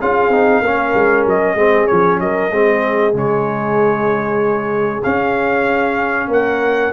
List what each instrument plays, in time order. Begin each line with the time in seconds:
0.00 tuba C#4, trombone F4, horn G#4, trumpet F5
0.29 tuba C4, trombone D#4
0.62 tuba A#3, trombone C#4, horn A#4
0.95 tuba G#3
1.26 tuba F#3, trumpet D#5
1.55 tuba G#3, trombone C4, horn G#4
1.88 tuba F3, trombone C#4, trumpet C#5
2.20 tuba F#3, horn A#4, trumpet D#5
2.51 tuba G#3, trombone C4, horn G#4
3.13 tuba C#3, trombone G#3, trumpet C#5
5.03 trombone C#4, tuba C#4, trumpet F5
6.28 tuba A#3, horn A#4, trumpet F#5